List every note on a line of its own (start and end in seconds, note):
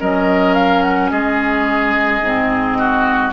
0.00 1.11 F#3
0.00 2.23 C#4
0.00 1.11 A#4
0.00 0.54 D#5
0.54 0.82 F5
0.82 1.09 F#5
1.10 2.21 G#3
1.10 2.78 G#4
1.10 3.32 D#5
2.21 3.32 G#2
2.21 3.32 C4
2.78 3.32 F#4